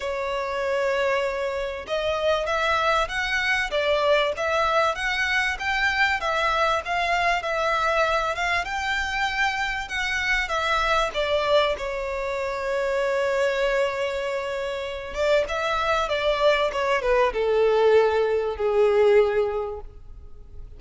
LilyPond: \new Staff \with { instrumentName = "violin" } { \time 4/4 \tempo 4 = 97 cis''2. dis''4 | e''4 fis''4 d''4 e''4 | fis''4 g''4 e''4 f''4 | e''4. f''8 g''2 |
fis''4 e''4 d''4 cis''4~ | cis''1~ | cis''8 d''8 e''4 d''4 cis''8 b'8 | a'2 gis'2 | }